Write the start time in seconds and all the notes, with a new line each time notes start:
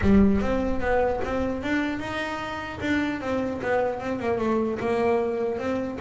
0.01 G3
0.41 C4
0.80 B3
1.24 C4
1.62 D4
1.99 D#4
2.81 D4
3.20 C4
3.61 B3
4.00 C4
4.19 A#3
4.38 A3
4.79 A#3
5.58 C4